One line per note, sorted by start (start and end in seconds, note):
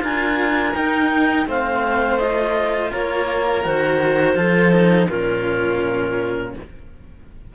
0.00 0.75 D4
0.00 0.72 F4
0.00 1.48 A#4
0.00 0.75 G#5
0.75 1.47 D#4
0.75 1.48 G5
1.47 2.91 A3
1.47 2.19 C4
1.47 2.92 C5
1.47 2.19 F5
2.19 3.64 F4
2.19 2.91 D#5
2.92 3.65 A#3
2.92 4.36 A#4
2.92 3.66 C#5
3.64 4.36 D#3
3.64 4.36 F#4
3.64 5.10 C5
4.36 5.08 F3
4.36 4.72 F4
4.36 5.09 A4
4.72 5.08 D#4
5.09 6.54 A#2
5.09 6.55 C#4
5.09 6.53 F4
5.09 6.55 A#4